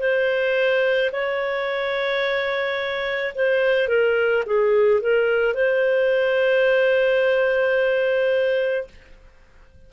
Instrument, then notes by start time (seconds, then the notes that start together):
clarinet
0.00 C5
1.13 C#5
3.35 C5
3.88 A#4
4.46 G#4
5.01 A#4
5.54 C5